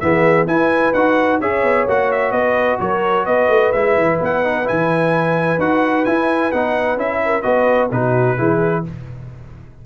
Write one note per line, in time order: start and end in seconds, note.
0.00 0.47 E3
0.00 0.47 B3
0.00 0.48 G#4
0.00 0.47 E5
0.47 0.93 E4
0.47 0.94 E4
0.47 1.40 B4
0.47 0.93 G#5
0.93 1.41 D#4
0.93 1.42 F#4
0.93 1.40 F#5
1.40 1.63 C#4
1.40 1.88 G#4
1.40 2.33 C#5
1.40 1.87 E5
1.63 1.86 B3
1.87 2.31 A#3
1.87 3.75 F#4
1.87 2.12 F#5
2.12 2.32 E5
2.31 2.78 B3
2.31 2.79 B4
2.31 2.78 D#5
2.80 3.26 F#3
2.80 3.26 A#4
2.80 3.26 C#5
3.26 3.48 B3
3.26 7.21 B4
3.26 3.72 D#5
3.48 3.72 A3
3.72 3.96 G#3
3.72 4.44 E4
3.72 4.18 E5
3.97 4.20 E3
4.21 4.68 B3
4.21 4.67 F#5
4.44 4.64 D#4
4.64 5.58 E3
4.64 5.57 E4
4.64 5.60 G#5
5.58 6.05 D#4
5.58 6.06 F#4
5.58 6.05 F#5
6.05 6.52 E4
6.05 6.53 E4
6.05 6.51 G#5
6.52 6.97 B3
6.52 6.98 D#4
6.52 6.98 F#5
6.97 7.43 C#4
6.97 7.43 E4
6.97 7.42 E5
7.25 7.44 A#4
7.42 7.91 B3
7.42 7.89 F#4
7.42 7.90 B4
7.42 7.88 D#5
7.91 8.38 B2
7.91 8.37 D#4
7.91 8.37 F#4
7.91 8.85 B4
8.37 8.85 E3
8.37 8.84 E4
8.37 8.84 G#4